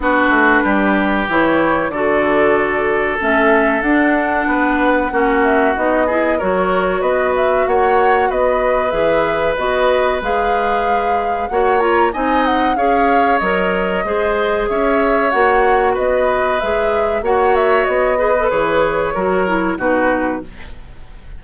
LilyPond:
<<
  \new Staff \with { instrumentName = "flute" } { \time 4/4 \tempo 4 = 94 b'2 cis''4 d''4~ | d''4 e''4 fis''2~ | fis''8 e''8 dis''4 cis''4 dis''8 e''8 | fis''4 dis''4 e''4 dis''4 |
f''2 fis''8 ais''8 gis''8 fis''8 | f''4 dis''2 e''4 | fis''4 dis''4 e''4 fis''8 e''8 | dis''4 cis''2 b'4 | }
  \new Staff \with { instrumentName = "oboe" } { \time 4/4 fis'4 g'2 a'4~ | a'2. b'4 | fis'4. gis'8 ais'4 b'4 | cis''4 b'2.~ |
b'2 cis''4 dis''4 | cis''2 c''4 cis''4~ | cis''4 b'2 cis''4~ | cis''8 b'4. ais'4 fis'4 | }
  \new Staff \with { instrumentName = "clarinet" } { \time 4/4 d'2 e'4 fis'4~ | fis'4 cis'4 d'2 | cis'4 dis'8 e'8 fis'2~ | fis'2 gis'4 fis'4 |
gis'2 fis'8 f'8 dis'4 | gis'4 ais'4 gis'2 | fis'2 gis'4 fis'4~ | fis'8 gis'16 a'16 gis'4 fis'8 e'8 dis'4 | }
  \new Staff \with { instrumentName = "bassoon" } { \time 4/4 b8 a8 g4 e4 d4~ | d4 a4 d'4 b4 | ais4 b4 fis4 b4 | ais4 b4 e4 b4 |
gis2 ais4 c'4 | cis'4 fis4 gis4 cis'4 | ais4 b4 gis4 ais4 | b4 e4 fis4 b,4 | }
>>